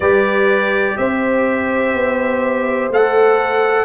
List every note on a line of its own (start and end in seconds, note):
0.00 0.96 G3
0.00 2.92 G4
0.00 0.96 B4
0.00 0.97 D5
0.97 1.93 C4
0.97 3.85 C5
0.97 2.91 E5
1.93 2.89 B3
2.89 3.85 A3
2.89 3.85 A4
2.89 3.85 F#5